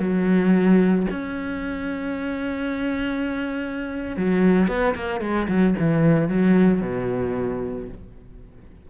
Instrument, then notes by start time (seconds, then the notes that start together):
cello
0.00 F#3
1.11 C#4
4.17 F#3
4.68 B3
4.96 A#3
5.21 G#3
5.49 F#3
5.80 E3
6.29 F#3
6.82 B2